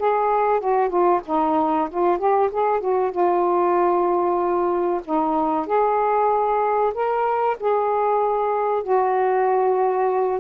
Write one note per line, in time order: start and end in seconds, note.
0.00 0.61 G#4
0.61 0.90 F#4
0.90 1.21 F4
1.26 1.89 D#4
1.91 2.19 F4
2.19 2.50 G4
2.52 2.81 G#4
2.81 3.12 F#4
3.12 5.02 F4
5.05 5.67 D#4
5.67 6.93 G#4
6.94 7.58 A#4
7.60 8.83 G#4
8.83 10.41 F#4